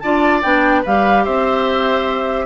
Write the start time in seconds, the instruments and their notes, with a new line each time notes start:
0.00 bassoon D4, clarinet F4, oboe D5, flute A5
0.42 bassoon B3, clarinet D4, flute G5
0.83 bassoon G3, clarinet G4, oboe B4, flute F5
1.25 bassoon C4, oboe C5, flute E5